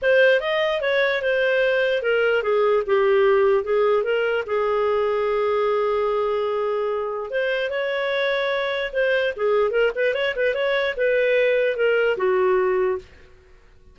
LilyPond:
\new Staff \with { instrumentName = "clarinet" } { \time 4/4 \tempo 4 = 148 c''4 dis''4 cis''4 c''4~ | c''4 ais'4 gis'4 g'4~ | g'4 gis'4 ais'4 gis'4~ | gis'1~ |
gis'2 c''4 cis''4~ | cis''2 c''4 gis'4 | ais'8 b'8 cis''8 b'8 cis''4 b'4~ | b'4 ais'4 fis'2 | }